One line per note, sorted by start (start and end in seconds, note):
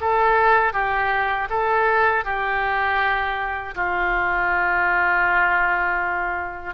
0.00 0.73 A4
0.73 1.48 G4
1.50 2.24 A4
2.24 3.74 G4
3.75 6.74 F4